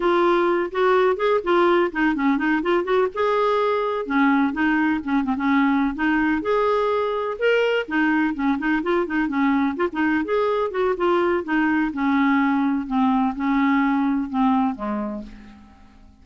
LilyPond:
\new Staff \with { instrumentName = "clarinet" } { \time 4/4 \tempo 4 = 126 f'4. fis'4 gis'8 f'4 | dis'8 cis'8 dis'8 f'8 fis'8 gis'4.~ | gis'8 cis'4 dis'4 cis'8 c'16 cis'8.~ | cis'8 dis'4 gis'2 ais'8~ |
ais'8 dis'4 cis'8 dis'8 f'8 dis'8 cis'8~ | cis'8 f'16 dis'8. gis'4 fis'8 f'4 | dis'4 cis'2 c'4 | cis'2 c'4 gis4 | }